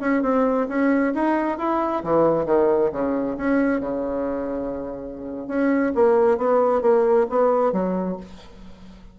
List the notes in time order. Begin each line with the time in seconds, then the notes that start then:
0.00 C#4
0.22 C4
0.68 C#4
1.14 D#4
1.58 E4
2.04 E3
2.46 D#3
2.92 C#3
3.37 C#4
3.81 C#3
5.47 C#4
5.95 A#3
6.38 B3
6.81 A#3
7.29 B3
7.72 F#3